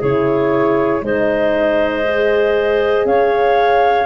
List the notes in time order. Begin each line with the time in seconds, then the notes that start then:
0.00 C#3 E4 G#4 C#5
1.02 G#3 D#4 C5 D#5
2.05 G#4
3.05 C#4 C#5 F5